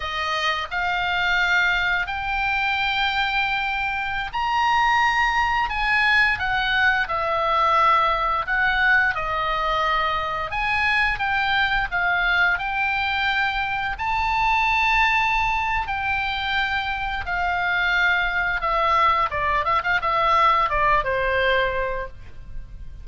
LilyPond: \new Staff \with { instrumentName = "oboe" } { \time 4/4 \tempo 4 = 87 dis''4 f''2 g''4~ | g''2~ g''16 ais''4.~ ais''16~ | ais''16 gis''4 fis''4 e''4.~ e''16~ | e''16 fis''4 dis''2 gis''8.~ |
gis''16 g''4 f''4 g''4.~ g''16~ | g''16 a''2~ a''8. g''4~ | g''4 f''2 e''4 | d''8 e''16 f''16 e''4 d''8 c''4. | }